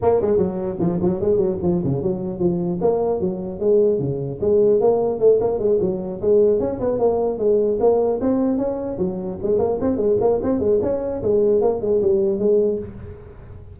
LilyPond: \new Staff \with { instrumentName = "tuba" } { \time 4/4 \tempo 4 = 150 ais8 gis8 fis4 f8 fis8 gis8 fis8 | f8 cis8 fis4 f4 ais4 | fis4 gis4 cis4 gis4 | ais4 a8 ais8 gis8 fis4 gis8~ |
gis8 cis'8 b8 ais4 gis4 ais8~ | ais8 c'4 cis'4 fis4 gis8 | ais8 c'8 gis8 ais8 c'8 gis8 cis'4 | gis4 ais8 gis8 g4 gis4 | }